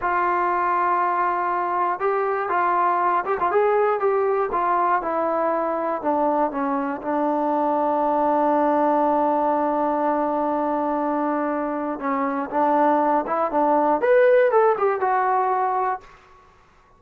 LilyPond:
\new Staff \with { instrumentName = "trombone" } { \time 4/4 \tempo 4 = 120 f'1 | g'4 f'4. g'16 f'16 gis'4 | g'4 f'4 e'2 | d'4 cis'4 d'2~ |
d'1~ | d'1 | cis'4 d'4. e'8 d'4 | b'4 a'8 g'8 fis'2 | }